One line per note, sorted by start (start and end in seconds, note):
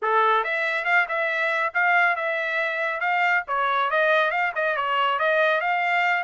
0.02 0.44 A4
0.44 0.84 E5
0.84 1.06 F5
1.08 1.73 E5
1.73 2.15 F5
2.15 3.00 E5
3.00 3.43 F5
3.47 3.90 C#5
3.90 4.30 D#5
4.30 4.52 F5
4.55 4.76 D#5
4.76 5.19 C#5
5.19 5.60 D#5
5.60 6.23 F5